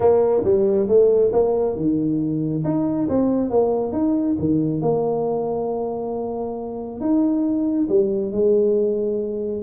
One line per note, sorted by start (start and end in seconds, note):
0.00 0.42 A#3
0.44 0.87 G3
0.88 1.31 A3
1.32 1.76 A#3
1.76 2.63 D#3
2.64 3.08 D#4
3.08 3.50 C4
3.50 3.92 A#3
3.92 4.36 D#4
4.39 4.81 D#3
4.81 7.00 A#3
7.00 7.88 D#4
7.88 8.31 G3
8.31 9.63 G#3